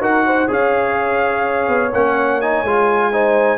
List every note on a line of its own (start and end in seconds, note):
0.00 0.48 D#4
0.00 0.47 F#4
0.00 0.24 A#4
0.00 0.50 F#5
0.25 0.48 C5
0.47 1.68 C#4
0.47 1.90 G#4
0.47 3.10 C#5
0.47 1.93 F5
1.68 1.92 B3
1.93 2.62 A#3
1.93 2.41 C#4
1.93 2.41 F#5
2.41 2.65 D#4
2.41 3.58 G#5
2.62 3.58 G#3
2.62 3.12 F4
3.12 3.58 D#4
3.12 3.58 C5